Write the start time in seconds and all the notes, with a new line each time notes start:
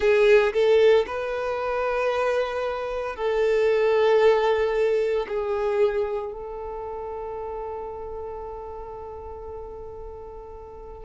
0.00 G#4
0.53 A4
1.06 B4
3.16 A4
5.28 G#4
6.33 A4